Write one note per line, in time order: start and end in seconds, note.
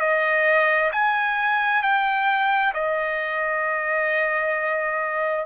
0.00 0.91 D#5
0.92 1.83 G#5
1.83 2.74 G5
2.74 5.46 D#5